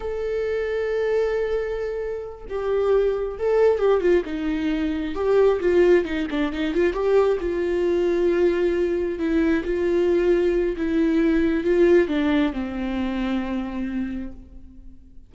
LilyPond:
\new Staff \with { instrumentName = "viola" } { \time 4/4 \tempo 4 = 134 a'1~ | a'4. g'2 a'8~ | a'8 g'8 f'8 dis'2 g'8~ | g'8 f'4 dis'8 d'8 dis'8 f'8 g'8~ |
g'8 f'2.~ f'8~ | f'8 e'4 f'2~ f'8 | e'2 f'4 d'4 | c'1 | }